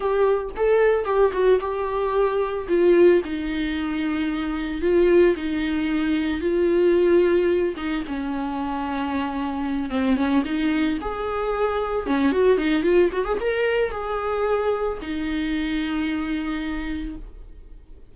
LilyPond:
\new Staff \with { instrumentName = "viola" } { \time 4/4 \tempo 4 = 112 g'4 a'4 g'8 fis'8 g'4~ | g'4 f'4 dis'2~ | dis'4 f'4 dis'2 | f'2~ f'8 dis'8 cis'4~ |
cis'2~ cis'8 c'8 cis'8 dis'8~ | dis'8 gis'2 cis'8 fis'8 dis'8 | f'8 fis'16 gis'16 ais'4 gis'2 | dis'1 | }